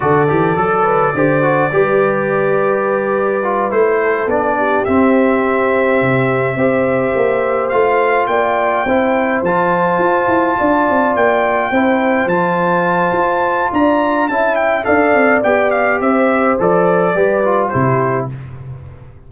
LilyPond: <<
  \new Staff \with { instrumentName = "trumpet" } { \time 4/4 \tempo 4 = 105 d''1~ | d''2~ d''8 c''4 d''8~ | d''8 e''2.~ e''8~ | e''4. f''4 g''4.~ |
g''8 a''2. g''8~ | g''4. a''2~ a''8 | ais''4 a''8 g''8 f''4 g''8 f''8 | e''4 d''2 c''4 | }
  \new Staff \with { instrumentName = "horn" } { \time 4/4 a'4. b'8 c''4 b'4~ | b'2. a'4 | g'2.~ g'8 c''8~ | c''2~ c''8 d''4 c''8~ |
c''2~ c''8 d''4.~ | d''8 c''2.~ c''8 | d''4 e''4 d''2 | c''2 b'4 g'4 | }
  \new Staff \with { instrumentName = "trombone" } { \time 4/4 fis'8 g'8 a'4 g'8 fis'8 g'4~ | g'2 f'8 e'4 d'8~ | d'8 c'2. g'8~ | g'4. f'2 e'8~ |
e'8 f'2.~ f'8~ | f'8 e'4 f'2~ f'8~ | f'4 e'4 a'4 g'4~ | g'4 a'4 g'8 f'8 e'4 | }
  \new Staff \with { instrumentName = "tuba" } { \time 4/4 d8 e8 fis4 d4 g4~ | g2~ g8 a4 b8~ | b8 c'2 c4 c'8~ | c'8 ais4 a4 ais4 c'8~ |
c'8 f4 f'8 e'8 d'8 c'8 ais8~ | ais8 c'4 f4. f'4 | d'4 cis'4 d'8 c'8 b4 | c'4 f4 g4 c4 | }
>>